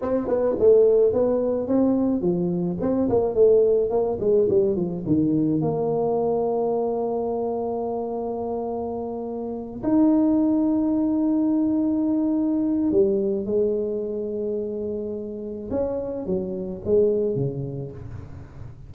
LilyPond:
\new Staff \with { instrumentName = "tuba" } { \time 4/4 \tempo 4 = 107 c'8 b8 a4 b4 c'4 | f4 c'8 ais8 a4 ais8 gis8 | g8 f8 dis4 ais2~ | ais1~ |
ais4. dis'2~ dis'8~ | dis'2. g4 | gis1 | cis'4 fis4 gis4 cis4 | }